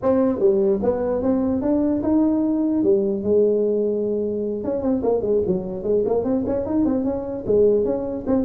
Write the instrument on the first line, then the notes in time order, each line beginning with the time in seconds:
tuba
0.02 C4
0.39 G3
0.83 B3
1.22 C4
1.61 D4
2.02 D#4
2.83 G3
3.23 G#3
4.63 C#4
4.81 C4
5.02 A#3
5.21 G#3
5.46 F#3
5.83 G#3
6.05 A#3
6.24 C4
6.46 C#4
6.65 D#4
6.85 C4
7.04 C#4
7.46 G#3
7.84 C#4
8.26 C4